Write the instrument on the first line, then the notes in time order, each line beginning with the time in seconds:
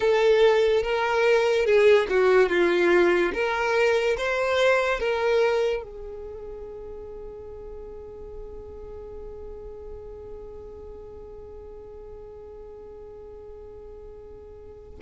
violin
0.00 A4
0.83 A#4
1.65 G#4
2.09 F#4
2.48 F4
3.33 A#4
4.17 C5
4.99 A#4
5.83 G#4